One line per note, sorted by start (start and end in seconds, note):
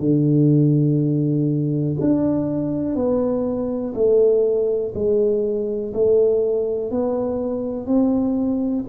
0.00 1.97 D3
2.01 2.96 D4
2.96 3.94 B3
3.94 4.93 A3
4.94 5.93 G#3
5.94 6.91 A3
6.91 7.86 B3
7.86 8.85 C4